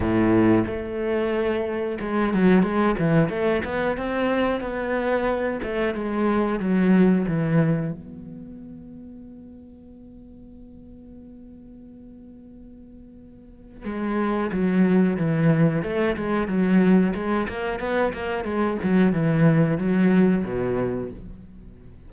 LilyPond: \new Staff \with { instrumentName = "cello" } { \time 4/4 \tempo 4 = 91 a,4 a2 gis8 fis8 | gis8 e8 a8 b8 c'4 b4~ | b8 a8 gis4 fis4 e4 | b1~ |
b1~ | b4 gis4 fis4 e4 | a8 gis8 fis4 gis8 ais8 b8 ais8 | gis8 fis8 e4 fis4 b,4 | }